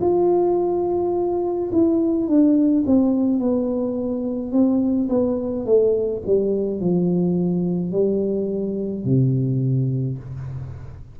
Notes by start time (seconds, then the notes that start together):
0.00 F4
1.72 E4
2.27 D4
2.86 C4
3.39 B3
4.52 C4
5.09 B3
5.66 A3
6.26 G3
6.80 F3
7.91 G3
9.05 C3